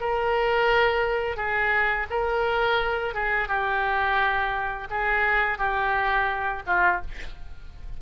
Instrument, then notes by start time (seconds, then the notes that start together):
oboe
0.00 A#4
1.36 G#4
2.10 A#4
3.14 G#4
3.48 G4
4.90 G#4
5.58 G4
6.66 F4